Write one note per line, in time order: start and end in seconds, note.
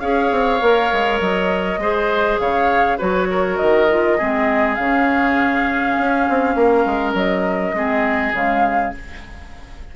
0.00 0.31 C#4
0.00 0.60 G#4
0.00 1.80 C#5
0.00 1.19 F5
0.31 0.61 C4
0.61 0.91 A#3
0.61 1.80 A#4
0.92 1.20 G#3
1.20 1.78 F#3
1.20 2.38 D#5
1.78 2.37 G#3
1.78 2.98 G#4
1.78 2.41 C5
2.39 2.99 C#3
2.39 2.97 C#5
2.39 2.98 F5
2.97 3.60 F#3
2.97 3.87 F#4
2.97 3.27 B4
2.97 3.56 C#5
3.30 4.17 A#4
3.56 4.20 D#3
3.56 4.75 D#5
3.89 4.18 F4
4.17 4.78 G#3
4.17 4.78 C4
4.17 6.55 G#4
4.75 5.97 C#3
4.75 7.75 C#4
4.75 7.12 F5
5.98 6.28 C#4
6.29 6.55 C4
6.55 6.85 A#3
6.55 7.75 A#4
6.85 7.14 G#3
7.14 7.73 F#3
7.14 8.34 D#5
7.73 8.33 G#3
7.73 8.33 C4
7.73 8.96 G#4
8.33 8.93 C#3
8.33 8.92 G#3
8.33 8.94 F5